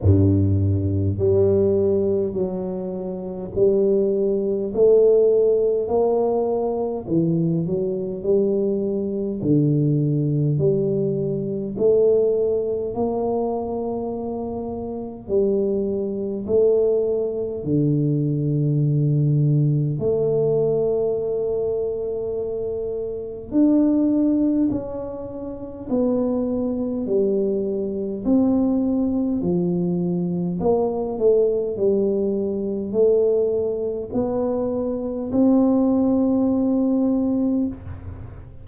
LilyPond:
\new Staff \with { instrumentName = "tuba" } { \time 4/4 \tempo 4 = 51 g,4 g4 fis4 g4 | a4 ais4 e8 fis8 g4 | d4 g4 a4 ais4~ | ais4 g4 a4 d4~ |
d4 a2. | d'4 cis'4 b4 g4 | c'4 f4 ais8 a8 g4 | a4 b4 c'2 | }